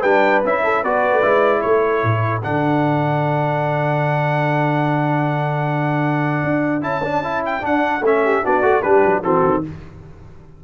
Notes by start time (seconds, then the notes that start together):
0.00 G3 D4 B4 G5
0.44 C#4 E4 E5
0.64 A4
0.82 B3 F#4 B4 D5
1.12 A3
1.22 G#3 E4
1.61 A3 A4 C#5
2.03 A2
2.43 D3 D4 F#5
6.43 D4
6.81 C#4 E4 A5
7.03 D4
7.23 E4
7.45 G5
7.60 D4 F#5
8.00 A3 C#4 E5
8.23 G4
8.43 B3 D4 F#4 D5
8.62 A3 F#4
8.82 G3 D4 G4 B4
9.05 F#3
9.23 E3 C4 F#4 A4
9.44 D#3